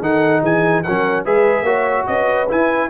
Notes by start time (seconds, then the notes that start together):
0.00 D#3 D#4 A4 F#5
0.42 E3 G#4 G#5
0.83 F#3 C#4 A#4 F#5
1.24 G#3 G#4 B4 E5
1.63 A#3 F#4 C#5
2.07 C#4 B4 D#5
2.49 E4 G#5